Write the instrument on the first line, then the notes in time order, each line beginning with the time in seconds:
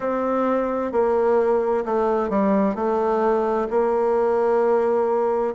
bassoon
0.00 C4
0.92 A#3
1.85 A3
2.29 G3
2.75 A3
3.70 A#3